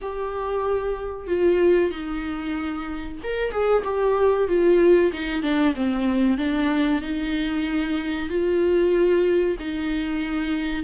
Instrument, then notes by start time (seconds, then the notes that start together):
viola
0.01 G4
1.27 F4
1.91 D#4
3.23 A#4
3.51 G#4
3.84 G4
4.47 F4
5.12 D#4
5.42 D4
5.75 C4
6.37 D4
7.01 D#4
8.29 F4
9.59 D#4